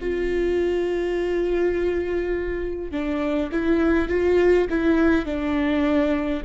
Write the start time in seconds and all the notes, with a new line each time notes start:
0.00 F4
2.91 D4
3.51 E4
4.08 F4
4.69 E4
5.25 D4